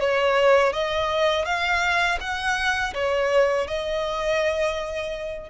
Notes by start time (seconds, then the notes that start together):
0.00 C#5
0.73 D#5
1.45 F5
2.20 F#5
2.94 C#5
3.67 D#5